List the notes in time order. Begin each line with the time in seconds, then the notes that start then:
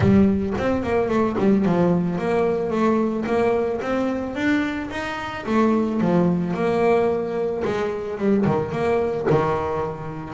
0.00 G3
0.58 C4
0.83 A#3
1.09 A3
1.38 G3
1.65 F3
2.18 A#3
2.70 A3
3.26 A#3
3.81 C4
4.35 D4
4.90 D#4
5.46 A3
6.00 F3
6.54 A#3
7.64 G#3
8.18 G3
8.45 D#3
8.71 A#3
9.30 D#3